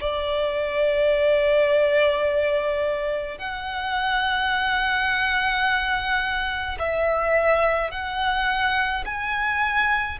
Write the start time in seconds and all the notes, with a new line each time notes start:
0.00 D5
3.39 F#5
6.79 E5
7.91 F#5
9.06 G#5